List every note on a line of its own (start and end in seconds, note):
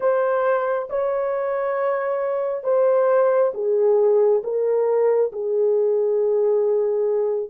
0.00 0.88 C5
0.89 2.63 C#5
2.63 3.51 C5
3.54 4.42 G#4
4.43 5.31 A#4
5.32 7.50 G#4